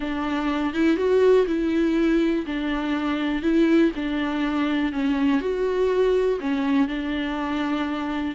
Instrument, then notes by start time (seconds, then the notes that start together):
viola
0.00 D4
0.73 E4
0.97 F#4
1.46 E4
2.46 D4
3.42 E4
3.95 D4
4.92 C#4
5.41 F#4
6.40 C#4
6.88 D4